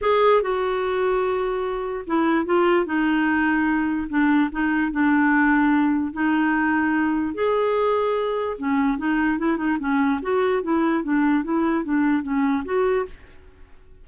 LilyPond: \new Staff \with { instrumentName = "clarinet" } { \time 4/4 \tempo 4 = 147 gis'4 fis'2.~ | fis'4 e'4 f'4 dis'4~ | dis'2 d'4 dis'4 | d'2. dis'4~ |
dis'2 gis'2~ | gis'4 cis'4 dis'4 e'8 dis'8 | cis'4 fis'4 e'4 d'4 | e'4 d'4 cis'4 fis'4 | }